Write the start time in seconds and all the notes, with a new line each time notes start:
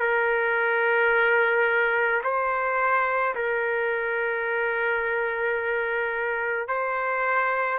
0.00 A#4
2.24 C5
3.35 A#4
6.68 C5